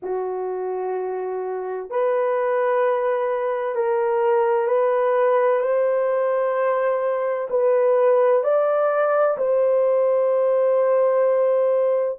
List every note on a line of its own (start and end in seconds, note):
0.02 1.90 F#4
1.90 3.75 B4
3.75 4.67 A#4
4.67 5.60 B4
5.60 7.48 C5
7.50 8.43 B4
8.43 9.37 D5
9.37 12.19 C5